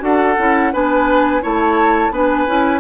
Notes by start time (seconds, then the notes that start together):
0.00 D4 F#4 A4 F#5
0.38 C#4 E4
0.73 B3 D4 B4 G#5
1.42 A3 E4 C#5 A5
2.11 B3 D4 B4 G#5
2.48 C#4 E4